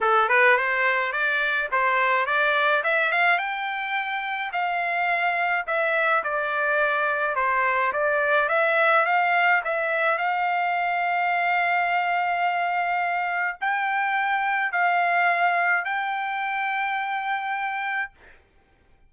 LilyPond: \new Staff \with { instrumentName = "trumpet" } { \time 4/4 \tempo 4 = 106 a'8 b'8 c''4 d''4 c''4 | d''4 e''8 f''8 g''2 | f''2 e''4 d''4~ | d''4 c''4 d''4 e''4 |
f''4 e''4 f''2~ | f''1 | g''2 f''2 | g''1 | }